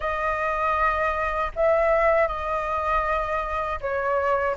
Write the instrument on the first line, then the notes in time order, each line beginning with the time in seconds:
flute
0.00 D#5
1.55 E5
2.27 D#5
3.80 C#5